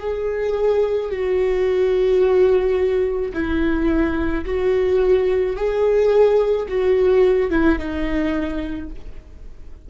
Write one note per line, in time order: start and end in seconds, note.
0.00 1.11 G#4
1.11 3.33 F#4
3.34 4.45 E4
4.45 5.57 F#4
5.57 6.68 G#4
6.69 7.51 F#4
7.51 7.79 E4
7.79 8.90 D#4